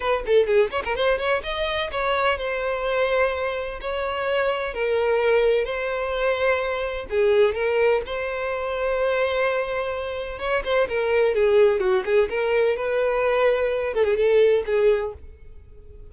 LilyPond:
\new Staff \with { instrumentName = "violin" } { \time 4/4 \tempo 4 = 127 b'8 a'8 gis'8 cis''16 ais'16 c''8 cis''8 dis''4 | cis''4 c''2. | cis''2 ais'2 | c''2. gis'4 |
ais'4 c''2.~ | c''2 cis''8 c''8 ais'4 | gis'4 fis'8 gis'8 ais'4 b'4~ | b'4. a'16 gis'16 a'4 gis'4 | }